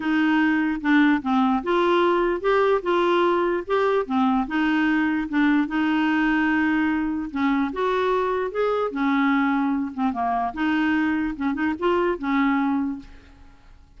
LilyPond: \new Staff \with { instrumentName = "clarinet" } { \time 4/4 \tempo 4 = 148 dis'2 d'4 c'4 | f'2 g'4 f'4~ | f'4 g'4 c'4 dis'4~ | dis'4 d'4 dis'2~ |
dis'2 cis'4 fis'4~ | fis'4 gis'4 cis'2~ | cis'8 c'8 ais4 dis'2 | cis'8 dis'8 f'4 cis'2 | }